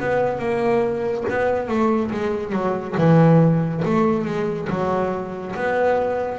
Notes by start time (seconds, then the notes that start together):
0.00 B3
0.39 A#3
1.30 B3
1.68 A3
2.11 G#3
2.52 F#3
2.97 E3
3.85 A3
4.25 G#3
4.69 F#3
5.56 B3